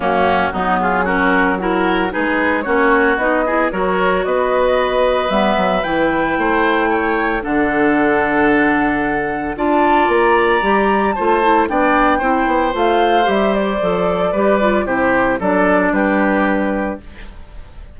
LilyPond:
<<
  \new Staff \with { instrumentName = "flute" } { \time 4/4 \tempo 4 = 113 fis'4. gis'8 ais'4 fis'4 | b'4 cis''4 dis''4 cis''4 | dis''2 e''4 g''4~ | g''2 fis''2~ |
fis''2 a''4 ais''4~ | ais''4 a''4 g''2 | f''4 e''8 d''2~ d''8 | c''4 d''4 b'2 | }
  \new Staff \with { instrumentName = "oboe" } { \time 4/4 cis'4 dis'8 f'8 fis'4 ais'4 | gis'4 fis'4. gis'8 ais'4 | b'1 | c''4 cis''4 a'2~ |
a'2 d''2~ | d''4 c''4 d''4 c''4~ | c''2. b'4 | g'4 a'4 g'2 | }
  \new Staff \with { instrumentName = "clarinet" } { \time 4/4 ais4 b4 cis'4 e'4 | dis'4 cis'4 dis'8 e'8 fis'4~ | fis'2 b4 e'4~ | e'2 d'2~ |
d'2 f'2 | g'4 f'8 e'8 d'4 e'4 | f'4 g'4 a'4 g'8 f'8 | e'4 d'2. | }
  \new Staff \with { instrumentName = "bassoon" } { \time 4/4 fis,4 fis2. | gis4 ais4 b4 fis4 | b2 g8 fis8 e4 | a2 d2~ |
d2 d'4 ais4 | g4 a4 b4 c'8 b8 | a4 g4 f4 g4 | c4 fis4 g2 | }
>>